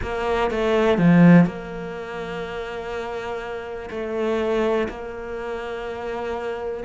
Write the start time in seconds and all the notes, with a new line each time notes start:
0.02 A#3
0.50 A3
0.98 F3
1.45 A#3
3.90 A3
4.88 A#3